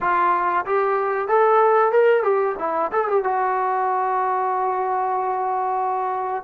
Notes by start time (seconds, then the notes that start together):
0.00 F4
0.65 G4
1.28 A4
1.92 A#4
2.23 G4
2.58 E4
2.91 A4
3.08 G4
3.23 F#4